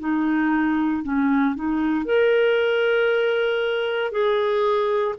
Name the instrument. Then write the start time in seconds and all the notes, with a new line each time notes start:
clarinet
0.00 D#4
1.03 C#4
1.56 D#4
2.05 A#4
4.12 G#4